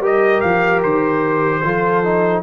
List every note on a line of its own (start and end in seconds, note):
0.00 0.40 G3
0.00 1.62 G4
0.00 1.62 A#4
0.00 0.41 D#5
0.41 0.84 F3
0.41 0.81 F5
0.83 1.64 D#3
0.83 2.43 C5
1.64 2.43 F3
1.64 2.04 F4
1.64 2.43 A4
2.04 2.43 D#4